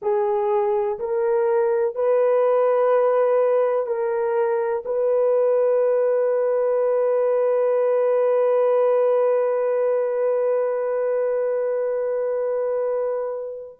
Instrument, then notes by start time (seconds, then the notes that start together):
horn
0.02 G#4
0.99 A#4
1.95 B4
3.86 A#4
4.85 B4